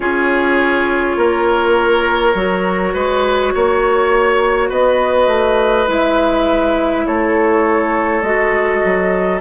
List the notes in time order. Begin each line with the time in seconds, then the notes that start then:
0.00 C#4 F4 G#4 C#5
1.16 A#3 A#4
2.34 F#3 F#4
2.93 G#3 B4
3.54 A#3 C#5
4.69 B3 B4 D#5
5.27 A3
5.87 G#3 E4 E5
7.06 A3 A4 C#5
8.22 G#3 F#4 D#5
8.84 F#3